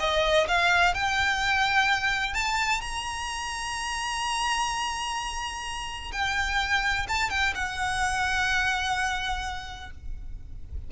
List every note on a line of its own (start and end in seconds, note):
0.00 0.47 D#5
0.48 0.94 F5
0.94 2.34 G5
2.34 2.81 A5
2.81 6.12 A#5
6.12 7.07 G5
7.08 7.30 A5
7.30 7.54 G5
7.55 9.91 F#5